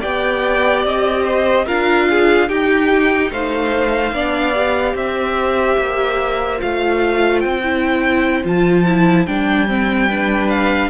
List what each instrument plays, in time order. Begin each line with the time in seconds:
0.00 cello B3, viola G4, violin D5 G5
0.85 cello C4, violin D#5
1.24 violin C5
1.66 cello D4, viola F4, violin A#4 F5
2.10 violin G#4
2.48 viola D#4, cello D#4, violin G4 G5
3.31 cello A3, violin C5 F5
4.12 cello B3, viola D4, violin D5
4.54 viola G4
4.94 cello C4, violin C5 E5
5.78 cello A#3
6.58 cello A3, viola F4, violin F5
7.40 cello C4, violin G5
7.63 viola E4
8.44 cello F3, viola F4, violin A5
8.86 viola E4
9.26 cello G3, viola D4, violin G5
9.68 viola C4
10.07 viola D4, violin B4
10.49 violin F5